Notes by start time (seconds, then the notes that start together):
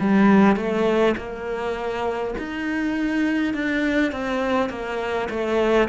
0.00 G3
0.56 A3
1.17 A#3
2.39 D#4
3.54 D4
4.12 C4
4.70 A#3
5.30 A3